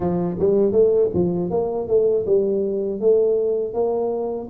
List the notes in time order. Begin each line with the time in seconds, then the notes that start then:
0.00 F3
0.39 G3
0.72 A3
1.14 F3
1.50 A#3
1.88 A3
2.26 G3
3.00 A3
3.73 A#3